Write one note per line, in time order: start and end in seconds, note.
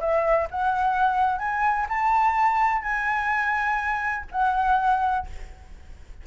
0.00 0.48 E5
0.50 1.39 F#5
1.39 1.86 G#5
1.89 2.82 A5
2.82 4.25 G#5
4.31 5.26 F#5